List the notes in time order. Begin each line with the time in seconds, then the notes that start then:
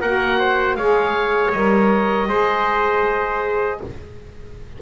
0.00 A#3 F#4 A#4 F#5
0.38 C5
0.75 G#3 G#4 C#5 F5
1.52 G3 A#4 D#5
2.28 G#3 G#4 C5